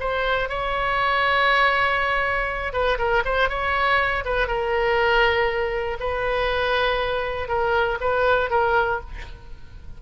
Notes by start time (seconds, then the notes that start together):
0.00 C5
0.50 C#5
2.73 B4
2.99 A#4
3.25 C5
3.49 C#5
4.25 B4
4.48 A#4
6.00 B4
7.49 A#4
8.01 B4
8.50 A#4